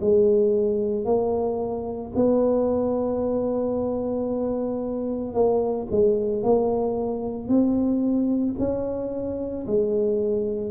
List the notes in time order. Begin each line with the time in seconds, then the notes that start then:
0.00 G#3
1.05 A#3
2.15 B3
5.33 A#3
5.91 G#3
6.43 A#3
7.48 C4
8.58 C#4
9.67 G#3